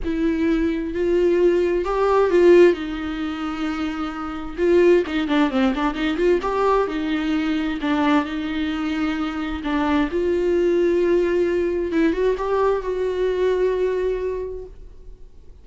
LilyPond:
\new Staff \with { instrumentName = "viola" } { \time 4/4 \tempo 4 = 131 e'2 f'2 | g'4 f'4 dis'2~ | dis'2 f'4 dis'8 d'8 | c'8 d'8 dis'8 f'8 g'4 dis'4~ |
dis'4 d'4 dis'2~ | dis'4 d'4 f'2~ | f'2 e'8 fis'8 g'4 | fis'1 | }